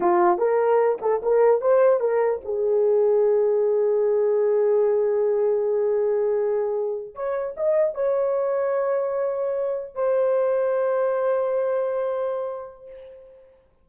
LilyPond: \new Staff \with { instrumentName = "horn" } { \time 4/4 \tempo 4 = 149 f'4 ais'4. a'8 ais'4 | c''4 ais'4 gis'2~ | gis'1~ | gis'1~ |
gis'4.~ gis'16 cis''4 dis''4 cis''16~ | cis''1~ | cis''8. c''2.~ c''16~ | c''1 | }